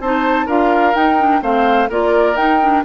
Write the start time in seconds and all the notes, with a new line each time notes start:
0.00 C4 D#4 C5 A5
0.46 D4 F4 A#4 F5
0.94 D#4 G5
1.18 D4
1.41 A3 C4 C5 F5
1.89 A#3 F4 A#4 D5
2.35 D#4 G5
2.61 D4